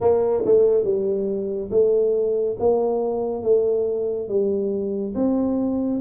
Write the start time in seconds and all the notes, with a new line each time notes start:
0.00 A#3
0.45 A3
0.84 G3
1.70 A3
2.59 A#3
3.42 A3
4.28 G3
5.14 C4